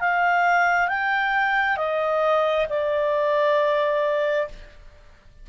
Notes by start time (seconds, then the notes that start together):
0.00 F5
0.88 G5
1.77 D#5
2.69 D5